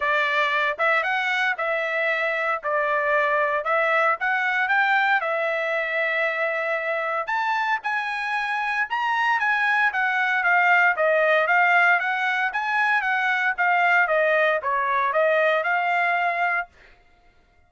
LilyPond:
\new Staff \with { instrumentName = "trumpet" } { \time 4/4 \tempo 4 = 115 d''4. e''8 fis''4 e''4~ | e''4 d''2 e''4 | fis''4 g''4 e''2~ | e''2 a''4 gis''4~ |
gis''4 ais''4 gis''4 fis''4 | f''4 dis''4 f''4 fis''4 | gis''4 fis''4 f''4 dis''4 | cis''4 dis''4 f''2 | }